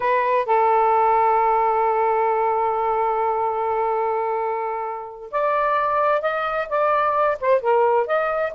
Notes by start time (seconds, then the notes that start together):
0.00 B4
0.46 A4
5.31 D5
6.21 D#5
6.69 D5
7.40 C5
7.61 A#4
8.06 D#5